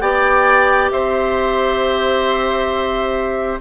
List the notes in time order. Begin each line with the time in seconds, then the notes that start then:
0.00 B3 G4 D5 G5
0.91 C4 C5 E5